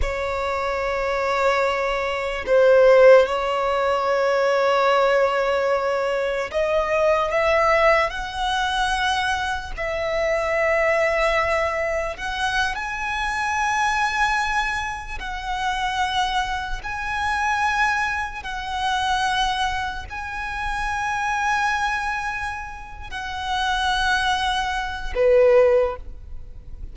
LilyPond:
\new Staff \with { instrumentName = "violin" } { \time 4/4 \tempo 4 = 74 cis''2. c''4 | cis''1 | dis''4 e''4 fis''2 | e''2. fis''8. gis''16~ |
gis''2~ gis''8. fis''4~ fis''16~ | fis''8. gis''2 fis''4~ fis''16~ | fis''8. gis''2.~ gis''16~ | gis''8 fis''2~ fis''8 b'4 | }